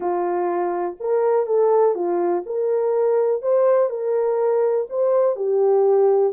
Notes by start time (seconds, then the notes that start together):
0.00 F4
1.00 A#4
1.46 A4
1.94 F4
2.46 A#4
3.41 C5
3.89 A#4
4.89 C5
5.36 G4